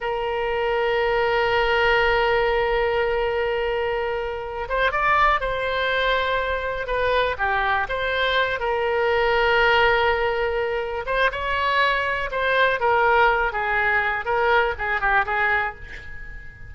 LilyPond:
\new Staff \with { instrumentName = "oboe" } { \time 4/4 \tempo 4 = 122 ais'1~ | ais'1~ | ais'4. c''8 d''4 c''4~ | c''2 b'4 g'4 |
c''4. ais'2~ ais'8~ | ais'2~ ais'8 c''8 cis''4~ | cis''4 c''4 ais'4. gis'8~ | gis'4 ais'4 gis'8 g'8 gis'4 | }